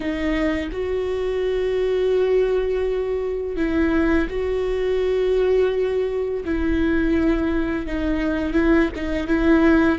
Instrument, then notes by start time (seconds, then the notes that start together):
viola
0.00 D#4
0.72 F#4
3.56 E4
4.29 F#4
6.44 E4
7.86 D#4
8.53 E4
8.95 D#4
9.27 E4